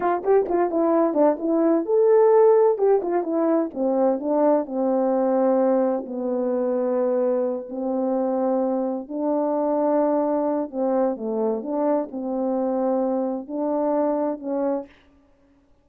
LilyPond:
\new Staff \with { instrumentName = "horn" } { \time 4/4 \tempo 4 = 129 f'8 g'8 f'8 e'4 d'8 e'4 | a'2 g'8 f'8 e'4 | c'4 d'4 c'2~ | c'4 b2.~ |
b8 c'2. d'8~ | d'2. c'4 | a4 d'4 c'2~ | c'4 d'2 cis'4 | }